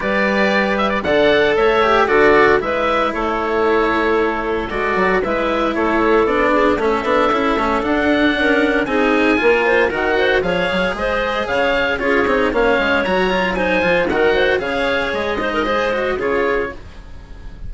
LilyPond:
<<
  \new Staff \with { instrumentName = "oboe" } { \time 4/4 \tempo 4 = 115 d''4. e''16 d''16 fis''4 e''4 | d''4 e''4 cis''2~ | cis''4 d''4 e''4 cis''4 | d''4 e''2 fis''4~ |
fis''4 gis''2 fis''4 | f''4 dis''4 f''4 cis''4 | f''4 ais''4 gis''4 fis''4 | f''4 dis''2 cis''4 | }
  \new Staff \with { instrumentName = "clarinet" } { \time 4/4 b'2 d''4 cis''4 | a'4 b'4 a'2~ | a'2 b'4 a'4~ | a'8 gis'8 a'2. |
ais'4 gis'4 ais'8 c''8 ais'8 c''8 | cis''4 c''4 cis''4 gis'4 | cis''2 c''4 ais'8 c''8 | cis''4. c''16 ais'16 c''4 gis'4 | }
  \new Staff \with { instrumentName = "cello" } { \time 4/4 g'2 a'4. g'8 | fis'4 e'2.~ | e'4 fis'4 e'2 | d'4 cis'8 d'8 e'8 cis'8 d'4~ |
d'4 dis'4 f'4 fis'4 | gis'2. f'8 dis'8 | cis'4 fis'8 f'8 dis'8 f'8 fis'4 | gis'4. dis'8 gis'8 fis'8 f'4 | }
  \new Staff \with { instrumentName = "bassoon" } { \time 4/4 g2 d4 a4 | d4 gis4 a2~ | a4 gis8 fis8 gis4 a4 | b4 a8 b8 cis'8 a8 d'4 |
cis'4 c'4 ais4 dis4 | f8 fis8 gis4 cis4 cis'8 c'8 | ais8 gis8 fis4. f8 dis4 | cis4 gis2 cis4 | }
>>